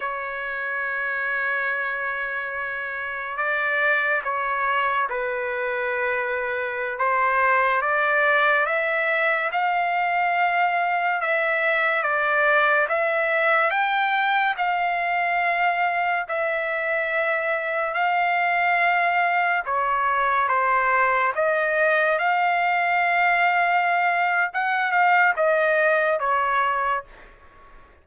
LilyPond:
\new Staff \with { instrumentName = "trumpet" } { \time 4/4 \tempo 4 = 71 cis''1 | d''4 cis''4 b'2~ | b'16 c''4 d''4 e''4 f''8.~ | f''4~ f''16 e''4 d''4 e''8.~ |
e''16 g''4 f''2 e''8.~ | e''4~ e''16 f''2 cis''8.~ | cis''16 c''4 dis''4 f''4.~ f''16~ | f''4 fis''8 f''8 dis''4 cis''4 | }